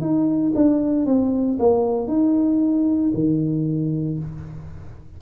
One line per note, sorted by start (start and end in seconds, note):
0.00 0.52 D#4
0.55 1.05 D4
1.05 1.57 C4
1.59 2.07 A#3
2.07 3.12 D#4
3.14 4.18 D#3